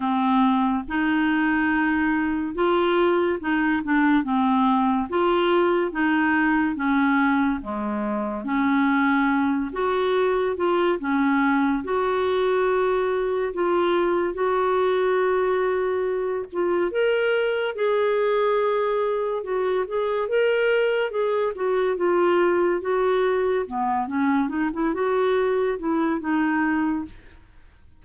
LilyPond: \new Staff \with { instrumentName = "clarinet" } { \time 4/4 \tempo 4 = 71 c'4 dis'2 f'4 | dis'8 d'8 c'4 f'4 dis'4 | cis'4 gis4 cis'4. fis'8~ | fis'8 f'8 cis'4 fis'2 |
f'4 fis'2~ fis'8 f'8 | ais'4 gis'2 fis'8 gis'8 | ais'4 gis'8 fis'8 f'4 fis'4 | b8 cis'8 dis'16 e'16 fis'4 e'8 dis'4 | }